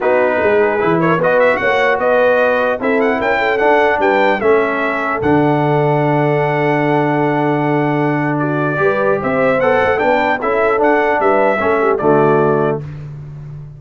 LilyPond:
<<
  \new Staff \with { instrumentName = "trumpet" } { \time 4/4 \tempo 4 = 150 b'2~ b'8 cis''8 dis''8 e''8 | fis''4 dis''2 e''8 fis''8 | g''4 fis''4 g''4 e''4~ | e''4 fis''2.~ |
fis''1~ | fis''4 d''2 e''4 | fis''4 g''4 e''4 fis''4 | e''2 d''2 | }
  \new Staff \with { instrumentName = "horn" } { \time 4/4 fis'4 gis'4. ais'8 b'4 | cis''4 b'2 a'4 | ais'8 a'4. b'4 a'4~ | a'1~ |
a'1~ | a'4 fis'4 b'4 c''4~ | c''4 b'4 a'2 | b'4 a'8 g'8 fis'2 | }
  \new Staff \with { instrumentName = "trombone" } { \time 4/4 dis'2 e'4 fis'4~ | fis'2. e'4~ | e'4 d'2 cis'4~ | cis'4 d'2.~ |
d'1~ | d'2 g'2 | a'4 d'4 e'4 d'4~ | d'4 cis'4 a2 | }
  \new Staff \with { instrumentName = "tuba" } { \time 4/4 b4 gis4 e4 b4 | ais4 b2 c'4 | cis'4 d'4 g4 a4~ | a4 d2.~ |
d1~ | d2 g4 c'4 | b8 a8 b4 cis'4 d'4 | g4 a4 d2 | }
>>